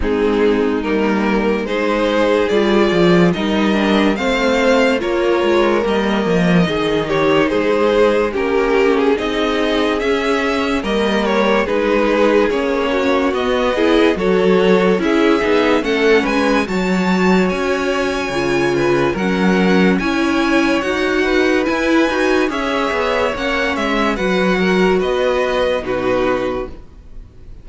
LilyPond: <<
  \new Staff \with { instrumentName = "violin" } { \time 4/4 \tempo 4 = 72 gis'4 ais'4 c''4 d''4 | dis''4 f''4 cis''4 dis''4~ | dis''8 cis''8 c''4 ais'8. gis'16 dis''4 | e''4 dis''8 cis''8 b'4 cis''4 |
dis''4 cis''4 e''4 fis''8 gis''8 | a''4 gis''2 fis''4 | gis''4 fis''4 gis''4 e''4 | fis''8 e''8 fis''4 dis''4 b'4 | }
  \new Staff \with { instrumentName = "violin" } { \time 4/4 dis'2 gis'2 | ais'4 c''4 ais'2 | gis'8 g'8 gis'4 g'4 gis'4~ | gis'4 ais'4 gis'4. fis'8~ |
fis'8 gis'8 a'4 gis'4 a'8 b'8 | cis''2~ cis''8 b'8 ais'4 | cis''4. b'4. cis''4~ | cis''4 b'8 ais'8 b'4 fis'4 | }
  \new Staff \with { instrumentName = "viola" } { \time 4/4 c'4 ais4 dis'4 f'4 | dis'8 d'8 c'4 f'4 ais4 | dis'2 cis'4 dis'4 | cis'4 ais4 dis'4 cis'4 |
b8 e'8 fis'4 e'8 dis'8 cis'4 | fis'2 f'4 cis'4 | e'4 fis'4 e'8 fis'8 gis'4 | cis'4 fis'2 dis'4 | }
  \new Staff \with { instrumentName = "cello" } { \time 4/4 gis4 g4 gis4 g8 f8 | g4 a4 ais8 gis8 g8 f8 | dis4 gis4 ais4 c'4 | cis'4 g4 gis4 ais4 |
b4 fis4 cis'8 b8 a8 gis8 | fis4 cis'4 cis4 fis4 | cis'4 dis'4 e'8 dis'8 cis'8 b8 | ais8 gis8 fis4 b4 b,4 | }
>>